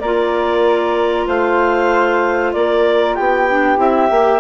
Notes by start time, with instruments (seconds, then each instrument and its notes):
0.00 bassoon A#3, clarinet F4 D5, flute A#4
1.27 bassoon A3, flute C5, clarinet F5
2.53 bassoon A#3, flute A#4, clarinet D5
3.15 bassoon B3, flute G4, clarinet G5
3.50 clarinet D4
3.76 bassoon C4, clarinet E4 E5
4.10 bassoon A#3, clarinet G4